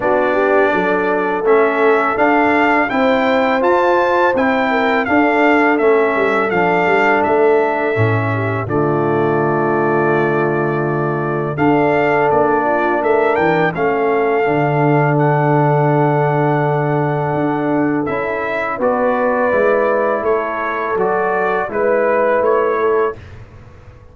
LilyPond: <<
  \new Staff \with { instrumentName = "trumpet" } { \time 4/4 \tempo 4 = 83 d''2 e''4 f''4 | g''4 a''4 g''4 f''4 | e''4 f''4 e''2 | d''1 |
f''4 d''4 e''8 g''8 f''4~ | f''4 fis''2.~ | fis''4 e''4 d''2 | cis''4 d''4 b'4 cis''4 | }
  \new Staff \with { instrumentName = "horn" } { \time 4/4 fis'8 g'8 a'2. | c''2~ c''8 ais'8 a'4~ | a'2.~ a'8 g'8 | f'1 |
a'4. f'8 ais'4 a'4~ | a'1~ | a'2 b'2 | a'2 b'4. a'8 | }
  \new Staff \with { instrumentName = "trombone" } { \time 4/4 d'2 cis'4 d'4 | e'4 f'4 e'4 d'4 | cis'4 d'2 cis'4 | a1 |
d'2. cis'4 | d'1~ | d'4 e'4 fis'4 e'4~ | e'4 fis'4 e'2 | }
  \new Staff \with { instrumentName = "tuba" } { \time 4/4 b4 fis4 a4 d'4 | c'4 f'4 c'4 d'4 | a8 g8 f8 g8 a4 a,4 | d1 |
d'4 ais4 a8 e8 a4 | d1 | d'4 cis'4 b4 gis4 | a4 fis4 gis4 a4 | }
>>